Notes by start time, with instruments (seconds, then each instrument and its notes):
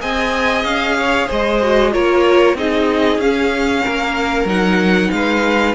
0.00 cello C4, viola G#4, violin D#5 G#5
0.64 cello C#4, violin F5
0.98 violin C#5
1.27 cello G#3, violin C5 D#5
1.62 viola F#4
1.91 cello A#3, viola F4, violin A#4 C#5
2.54 cello C4, viola D#4, violin G#4 D#5
3.18 cello C#4, viola C#4, violin F5
3.83 cello A#3, violin A#4
4.45 cello F#3, viola D#4, violin F#5
5.11 cello G#3, violin B4 F5